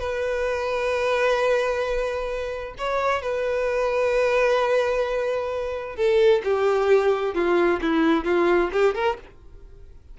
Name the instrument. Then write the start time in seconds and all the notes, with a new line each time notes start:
violin
0.00 B4
2.79 C#5
3.22 B4
5.97 A4
6.45 G4
7.35 F4
7.82 E4
8.25 F4
8.73 G4
8.95 A#4